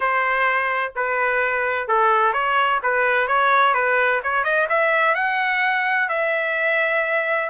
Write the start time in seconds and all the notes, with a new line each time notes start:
0.00 C5
0.95 B4
1.88 A4
2.33 C#5
2.83 B4
3.27 C#5
3.74 B4
4.23 C#5
4.44 D#5
4.69 E5
5.14 F#5
6.09 E5